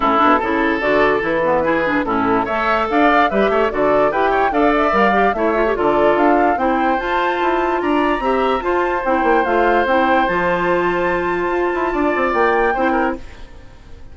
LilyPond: <<
  \new Staff \with { instrumentName = "flute" } { \time 4/4 \tempo 4 = 146 a'2 d''4 b'4~ | b'4 a'4 e''4 f''4 | e''4 d''4 g''4 f''8 e''8 | f''4 e''4 d''4 f''4 |
g''4 a''2 ais''4~ | ais''4 a''4 g''4 f''4 | g''4 a''2.~ | a''2 g''2 | }
  \new Staff \with { instrumentName = "oboe" } { \time 4/4 e'4 a'2. | gis'4 e'4 cis''4 d''4 | b'8 cis''8 a'4 b'8 cis''8 d''4~ | d''4 cis''4 a'2 |
c''2. d''4 | e''4 c''2.~ | c''1~ | c''4 d''2 c''8 ais'8 | }
  \new Staff \with { instrumentName = "clarinet" } { \time 4/4 cis'8 d'8 e'4 fis'4 e'8 b8 | e'8 d'8 cis'4 a'2 | g'4 fis'4 g'4 a'4 | ais'8 g'8 e'8 f'16 g'16 f'2 |
e'4 f'2. | g'4 f'4 e'4 f'4 | e'4 f'2.~ | f'2. e'4 | }
  \new Staff \with { instrumentName = "bassoon" } { \time 4/4 a,8 b,8 cis4 d4 e4~ | e4 a,4 a4 d'4 | g8 a8 d4 e'4 d'4 | g4 a4 d4 d'4 |
c'4 f'4 e'4 d'4 | c'4 f'4 c'8 ais8 a4 | c'4 f2. | f'8 e'8 d'8 c'8 ais4 c'4 | }
>>